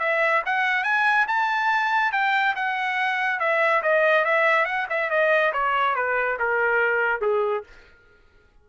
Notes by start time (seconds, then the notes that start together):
0.00 E5
0.46 F#5
0.84 G#5
1.28 A5
2.12 G5
2.56 F#5
3.40 E5
3.83 D#5
4.25 E5
4.66 F#5
4.90 E5
5.10 D#5
5.53 C#5
5.96 B4
6.40 A#4
7.21 G#4